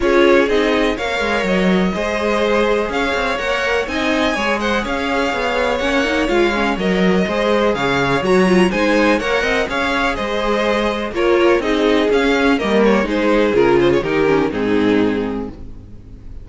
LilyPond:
<<
  \new Staff \with { instrumentName = "violin" } { \time 4/4 \tempo 4 = 124 cis''4 dis''4 f''4 dis''4~ | dis''2 f''4 fis''4 | gis''4. fis''8 f''2 | fis''4 f''4 dis''2 |
f''4 ais''4 gis''4 fis''4 | f''4 dis''2 cis''4 | dis''4 f''4 dis''8 cis''8 c''4 | ais'8 c''16 cis''16 ais'4 gis'2 | }
  \new Staff \with { instrumentName = "violin" } { \time 4/4 gis'2 cis''2 | c''2 cis''2 | dis''4 cis''8 c''8 cis''2~ | cis''2. c''4 |
cis''2 c''4 cis''8 dis''8 | cis''4 c''2 ais'4 | gis'2 ais'4 gis'4~ | gis'4 g'4 dis'2 | }
  \new Staff \with { instrumentName = "viola" } { \time 4/4 f'4 dis'4 ais'2 | gis'2. ais'4 | dis'4 gis'2. | cis'8 dis'8 f'8 cis'8 ais'4 gis'4~ |
gis'4 fis'8 f'8 dis'4 ais'4 | gis'2. f'4 | dis'4 cis'4 ais4 dis'4 | f'4 dis'8 cis'8 c'2 | }
  \new Staff \with { instrumentName = "cello" } { \time 4/4 cis'4 c'4 ais8 gis8 fis4 | gis2 cis'8 c'8 ais4 | c'4 gis4 cis'4 b4 | ais4 gis4 fis4 gis4 |
cis4 fis4 gis4 ais8 c'8 | cis'4 gis2 ais4 | c'4 cis'4 g4 gis4 | cis4 dis4 gis,2 | }
>>